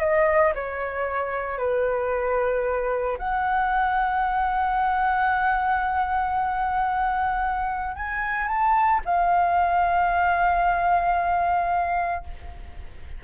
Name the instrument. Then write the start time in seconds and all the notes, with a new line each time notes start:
flute
0.00 D#5
0.55 C#5
1.58 B4
3.18 F#5
7.96 G#5
8.47 A5
9.05 F5